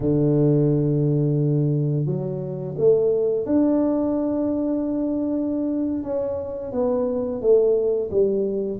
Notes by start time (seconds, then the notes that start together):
0.00 D3
2.05 F#3
2.77 A3
3.45 D4
6.03 C#4
6.72 B3
7.41 A3
8.10 G3